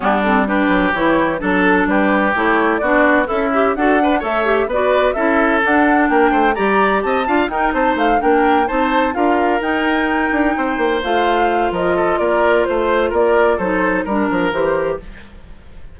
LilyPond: <<
  \new Staff \with { instrumentName = "flute" } { \time 4/4 \tempo 4 = 128 g'8 a'8 b'4 cis''4 a'4 | b'4 cis''4 d''4 e''4 | fis''4 e''4 d''4 e''4 | fis''4 g''4 ais''4 a''4 |
g''8 a''8 f''8 g''4 a''4 f''8~ | f''8 g''2. f''8~ | f''4 dis''4 d''4 c''4 | d''4 c''4 ais'4 c''4 | }
  \new Staff \with { instrumentName = "oboe" } { \time 4/4 d'4 g'2 a'4 | g'2 fis'4 e'4 | a'8 b'8 cis''4 b'4 a'4~ | a'4 ais'8 c''8 d''4 dis''8 f''8 |
ais'8 c''4 ais'4 c''4 ais'8~ | ais'2~ ais'8 c''4.~ | c''4 ais'8 a'8 ais'4 c''4 | ais'4 a'4 ais'2 | }
  \new Staff \with { instrumentName = "clarinet" } { \time 4/4 b8 c'8 d'4 e'4 d'4~ | d'4 e'4 d'4 a'8 g'8 | fis'8 d'8 a'8 g'8 fis'4 e'4 | d'2 g'4. f'8 |
dis'4. d'4 dis'4 f'8~ | f'8 dis'2. f'8~ | f'1~ | f'4 dis'4 d'4 g'4 | }
  \new Staff \with { instrumentName = "bassoon" } { \time 4/4 g4. fis8 e4 fis4 | g4 a4 b4 cis'4 | d'4 a4 b4 cis'4 | d'4 ais8 a8 g4 c'8 d'8 |
dis'8 c'8 a8 ais4 c'4 d'8~ | d'8 dis'4. d'8 c'8 ais8 a8~ | a4 f4 ais4 a4 | ais4 fis4 g8 f8 e4 | }
>>